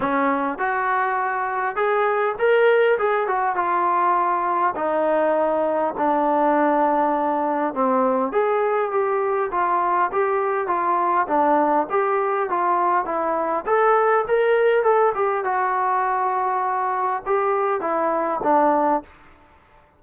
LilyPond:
\new Staff \with { instrumentName = "trombone" } { \time 4/4 \tempo 4 = 101 cis'4 fis'2 gis'4 | ais'4 gis'8 fis'8 f'2 | dis'2 d'2~ | d'4 c'4 gis'4 g'4 |
f'4 g'4 f'4 d'4 | g'4 f'4 e'4 a'4 | ais'4 a'8 g'8 fis'2~ | fis'4 g'4 e'4 d'4 | }